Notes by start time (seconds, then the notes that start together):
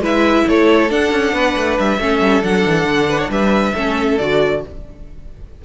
0.00 G#3 E4 B4 E5
0.48 A3 A4 C#5
0.89 D4 F#5
1.12 C#4
1.33 B3 B4
1.57 A3
1.79 G3 E5
1.99 A3 C#4 A4
2.22 G3
2.43 F#3 D4 F#5
2.66 E3
2.85 D3
3.10 B4
3.19 C#5
3.30 G3 B4 E5
3.75 A3 C#4 A4
4.18 D3 F#4 D5